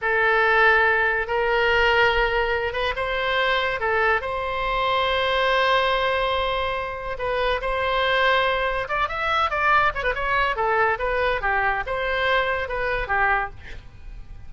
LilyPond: \new Staff \with { instrumentName = "oboe" } { \time 4/4 \tempo 4 = 142 a'2. ais'4~ | ais'2~ ais'8 b'8 c''4~ | c''4 a'4 c''2~ | c''1~ |
c''4 b'4 c''2~ | c''4 d''8 e''4 d''4 cis''16 b'16 | cis''4 a'4 b'4 g'4 | c''2 b'4 g'4 | }